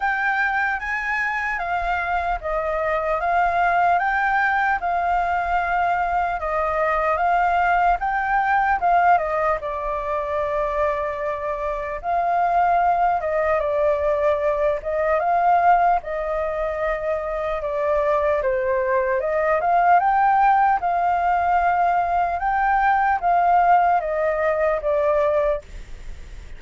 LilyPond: \new Staff \with { instrumentName = "flute" } { \time 4/4 \tempo 4 = 75 g''4 gis''4 f''4 dis''4 | f''4 g''4 f''2 | dis''4 f''4 g''4 f''8 dis''8 | d''2. f''4~ |
f''8 dis''8 d''4. dis''8 f''4 | dis''2 d''4 c''4 | dis''8 f''8 g''4 f''2 | g''4 f''4 dis''4 d''4 | }